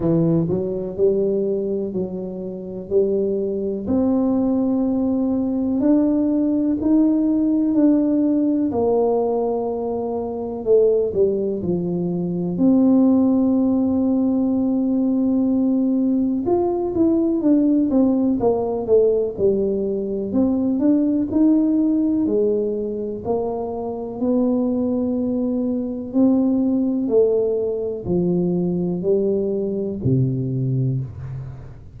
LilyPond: \new Staff \with { instrumentName = "tuba" } { \time 4/4 \tempo 4 = 62 e8 fis8 g4 fis4 g4 | c'2 d'4 dis'4 | d'4 ais2 a8 g8 | f4 c'2.~ |
c'4 f'8 e'8 d'8 c'8 ais8 a8 | g4 c'8 d'8 dis'4 gis4 | ais4 b2 c'4 | a4 f4 g4 c4 | }